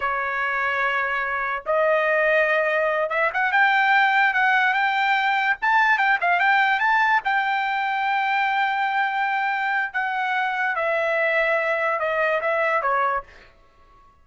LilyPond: \new Staff \with { instrumentName = "trumpet" } { \time 4/4 \tempo 4 = 145 cis''1 | dis''2.~ dis''8 e''8 | fis''8 g''2 fis''4 g''8~ | g''4. a''4 g''8 f''8 g''8~ |
g''8 a''4 g''2~ g''8~ | g''1 | fis''2 e''2~ | e''4 dis''4 e''4 cis''4 | }